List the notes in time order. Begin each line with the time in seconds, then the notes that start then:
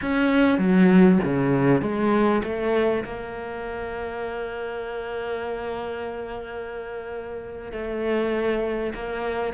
0.01 C#4
0.58 F#3
1.23 C#3
1.81 G#3
2.43 A3
3.04 A#3
7.72 A3
8.94 A#3